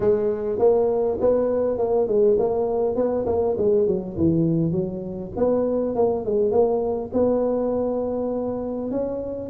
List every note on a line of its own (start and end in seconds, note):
0.00 0.58 G#3
0.58 1.18 A#3
1.20 1.78 B3
1.78 2.07 A#3
2.07 2.37 G#3
2.38 2.95 A#3
2.95 3.25 B3
3.26 3.55 A#3
3.57 3.87 G#3
3.87 4.16 F#3
4.17 4.71 E3
4.71 5.31 F#3
5.36 5.95 B3
5.95 6.25 A#3
6.25 6.50 G#3
6.50 7.10 A#3
7.13 8.91 B3
8.91 9.49 C#4